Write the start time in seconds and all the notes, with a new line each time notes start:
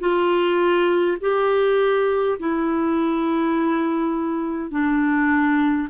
0.00 F4
1.21 G4
2.40 E4
4.71 D4